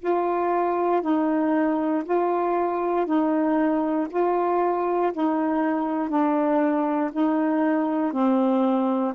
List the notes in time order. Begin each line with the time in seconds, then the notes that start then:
0.00 F4
1.02 D#4
2.05 F4
3.06 D#4
4.10 F4
5.13 D#4
6.09 D4
7.13 D#4
8.13 C4